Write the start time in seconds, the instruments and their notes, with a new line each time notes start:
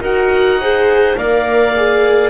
0.00 double bass D#4, viola F#4, clarinet A#4, oboe F#5
0.61 viola G#4, clarinet C5
1.16 double bass A#3, viola A#4, clarinet D5, oboe F5
1.76 viola G#4